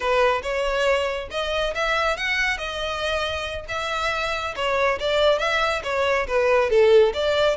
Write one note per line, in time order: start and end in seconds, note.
0.00 0.42 B4
0.42 1.29 C#5
1.31 1.74 D#5
1.74 2.16 E5
2.16 2.57 F#5
2.57 3.65 D#5
3.68 4.54 E5
4.55 4.99 C#5
4.99 5.38 D5
5.38 5.82 E5
5.83 6.26 C#5
6.27 6.69 B4
6.69 7.13 A4
7.13 7.56 D5